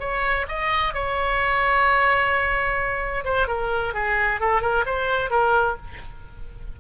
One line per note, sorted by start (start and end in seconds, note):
0.00 0.46 C#5
0.48 0.94 D#5
0.94 3.25 C#5
3.25 3.48 C5
3.48 3.94 A#4
3.94 4.40 G#4
4.40 4.62 A4
4.62 4.85 A#4
4.86 5.30 C5
5.30 5.76 A#4